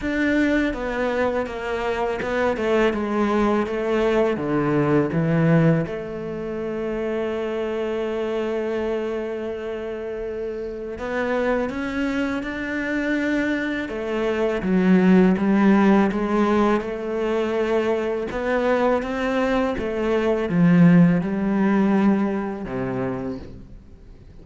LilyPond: \new Staff \with { instrumentName = "cello" } { \time 4/4 \tempo 4 = 82 d'4 b4 ais4 b8 a8 | gis4 a4 d4 e4 | a1~ | a2. b4 |
cis'4 d'2 a4 | fis4 g4 gis4 a4~ | a4 b4 c'4 a4 | f4 g2 c4 | }